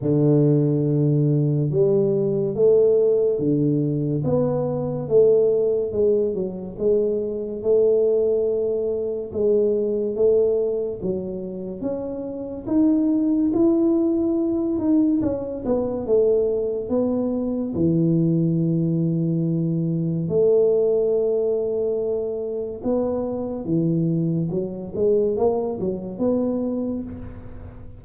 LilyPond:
\new Staff \with { instrumentName = "tuba" } { \time 4/4 \tempo 4 = 71 d2 g4 a4 | d4 b4 a4 gis8 fis8 | gis4 a2 gis4 | a4 fis4 cis'4 dis'4 |
e'4. dis'8 cis'8 b8 a4 | b4 e2. | a2. b4 | e4 fis8 gis8 ais8 fis8 b4 | }